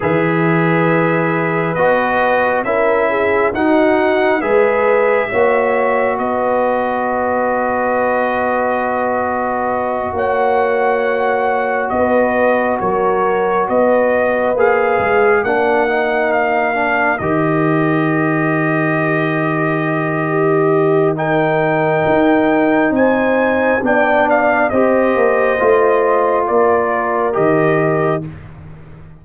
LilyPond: <<
  \new Staff \with { instrumentName = "trumpet" } { \time 4/4 \tempo 4 = 68 e''2 dis''4 e''4 | fis''4 e''2 dis''4~ | dis''2.~ dis''8 fis''8~ | fis''4. dis''4 cis''4 dis''8~ |
dis''8 f''4 fis''4 f''4 dis''8~ | dis''1 | g''2 gis''4 g''8 f''8 | dis''2 d''4 dis''4 | }
  \new Staff \with { instrumentName = "horn" } { \time 4/4 b'2. ais'8 gis'8 | fis'4 b'4 cis''4 b'4~ | b'2.~ b'8 cis''8~ | cis''4. b'4 ais'4 b'8~ |
b'4. ais'2~ ais'8~ | ais'2. g'4 | ais'2 c''4 d''4 | c''2 ais'2 | }
  \new Staff \with { instrumentName = "trombone" } { \time 4/4 gis'2 fis'4 e'4 | dis'4 gis'4 fis'2~ | fis'1~ | fis'1~ |
fis'8 gis'4 d'8 dis'4 d'8 g'8~ | g'1 | dis'2. d'4 | g'4 f'2 g'4 | }
  \new Staff \with { instrumentName = "tuba" } { \time 4/4 e2 b4 cis'4 | dis'4 gis4 ais4 b4~ | b2.~ b8 ais8~ | ais4. b4 fis4 b8~ |
b8 ais8 gis8 ais2 dis8~ | dis1~ | dis4 dis'4 c'4 b4 | c'8 ais8 a4 ais4 dis4 | }
>>